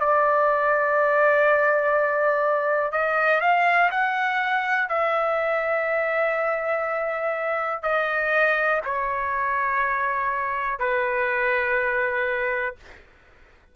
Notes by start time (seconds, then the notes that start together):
0.00 D5
2.92 D#5
3.41 F5
3.91 F#5
4.89 E5
7.83 D#5
8.85 C#5
10.79 B4